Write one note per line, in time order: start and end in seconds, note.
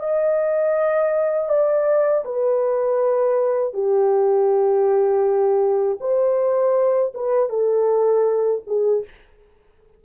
0.00 1.49 D#5
1.49 2.24 D5
2.25 3.74 B4
3.74 5.99 G4
6.01 7.13 C5
7.15 7.50 B4
7.50 8.62 A4
8.67 9.05 G#4